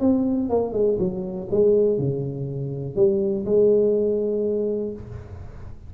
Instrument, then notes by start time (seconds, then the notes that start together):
tuba
0.00 C4
0.49 A#3
0.73 G#3
0.99 F#3
1.51 G#3
1.98 C#3
2.96 G3
3.45 G#3